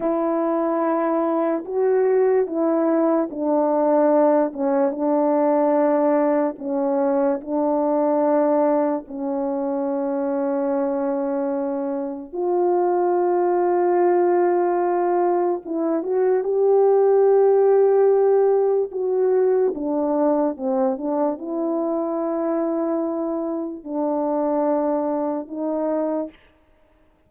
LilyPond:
\new Staff \with { instrumentName = "horn" } { \time 4/4 \tempo 4 = 73 e'2 fis'4 e'4 | d'4. cis'8 d'2 | cis'4 d'2 cis'4~ | cis'2. f'4~ |
f'2. e'8 fis'8 | g'2. fis'4 | d'4 c'8 d'8 e'2~ | e'4 d'2 dis'4 | }